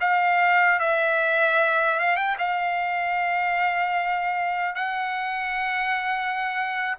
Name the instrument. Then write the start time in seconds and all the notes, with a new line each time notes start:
trumpet
0.00 F5
0.80 E5
2.00 F5
2.16 G5
2.38 F5
4.75 F#5